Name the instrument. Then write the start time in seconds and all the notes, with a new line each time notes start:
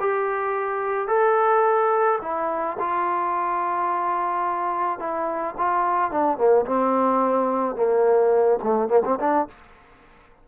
trombone
0.00 G4
1.08 A4
2.21 E4
2.79 F4
4.99 E4
5.57 F4
6.11 D4
6.37 A#3
6.65 C4
7.75 A#3
8.63 A3
8.88 A#3
9.05 C4
9.19 D4